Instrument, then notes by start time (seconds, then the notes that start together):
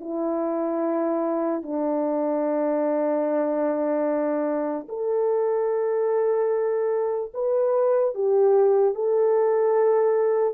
horn
0.00 E4
1.63 D4
4.88 A4
7.33 B4
8.14 G4
8.94 A4